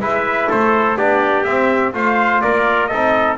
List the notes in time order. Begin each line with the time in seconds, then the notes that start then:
0.00 G#3 E4 B4 E5
0.49 A3 A4 C5
0.97 B3 D4 G4 D5
1.44 C4 E5
1.94 A3 F4 C5 F5
2.41 A#3 A#4 D5
2.87 C4 D#4 A4 D#5